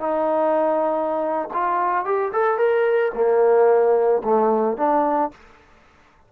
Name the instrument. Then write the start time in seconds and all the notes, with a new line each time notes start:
trombone
0.00 D#4
1.54 F4
2.05 G4
2.33 A4
2.58 A#4
3.14 A#3
4.24 A3
4.77 D4